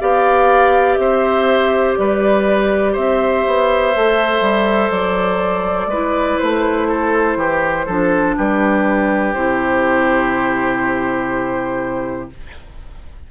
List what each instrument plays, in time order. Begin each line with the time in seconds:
0.00 bassoon B3, clarinet G4, oboe D5, flute F5
0.94 bassoon C4, oboe C5, flute E5
1.95 bassoon G3, oboe B4, flute D5
2.92 bassoon C4, oboe C5, flute E5
3.46 bassoon B3
3.94 bassoon A3, clarinet A4
4.40 bassoon G3
4.90 bassoon F#3, flute D5
5.86 bassoon G#3, clarinet E4, oboe B4
6.38 bassoon A3, flute C5
6.88 oboe A4
7.36 bassoon E3, oboe G4
7.86 bassoon F3, clarinet D4, oboe A4
8.36 bassoon G3, oboe G4, flute B4
9.33 bassoon C3, clarinet E4, flute C5